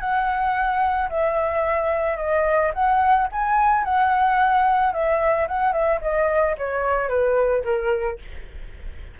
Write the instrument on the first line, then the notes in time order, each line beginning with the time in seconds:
flute
0.00 F#5
1.10 E5
2.17 D#5
2.74 F#5
3.32 G#5
3.84 F#5
4.93 E5
5.48 F#5
5.72 E5
6.01 D#5
6.58 C#5
7.09 B4
7.64 A#4